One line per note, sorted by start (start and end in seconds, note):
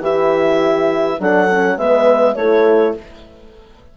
0.00 1.18 E3
0.00 1.20 E4
0.00 1.19 G4
0.00 1.21 E5
1.19 1.77 F#3
1.19 1.49 D4
1.19 1.77 A4
1.19 1.78 F#5
1.50 1.78 C#4
1.77 2.35 G#3
1.77 2.37 B3
1.77 2.36 B4
1.77 2.35 E5
2.35 2.94 A3
2.35 2.97 E4
2.35 2.96 A4
2.35 2.94 C#5